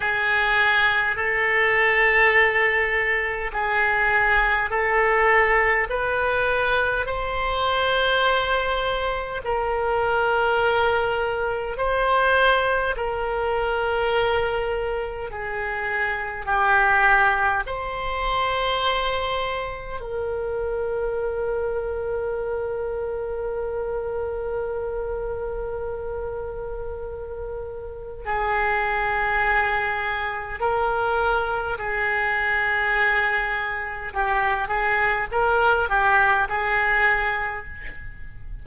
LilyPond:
\new Staff \with { instrumentName = "oboe" } { \time 4/4 \tempo 4 = 51 gis'4 a'2 gis'4 | a'4 b'4 c''2 | ais'2 c''4 ais'4~ | ais'4 gis'4 g'4 c''4~ |
c''4 ais'2.~ | ais'1 | gis'2 ais'4 gis'4~ | gis'4 g'8 gis'8 ais'8 g'8 gis'4 | }